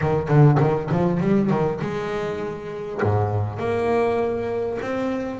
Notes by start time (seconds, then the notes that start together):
0.01 D#3
0.28 D3
0.60 D#3
0.91 F3
1.20 G3
1.50 D#3
1.81 G#3
3.02 G#2
3.58 A#3
4.81 C4